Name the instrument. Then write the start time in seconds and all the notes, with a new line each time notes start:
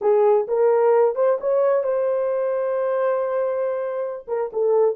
horn
0.01 G#4
0.47 A#4
1.15 C5
1.40 C#5
1.83 C5
4.27 A#4
4.52 A4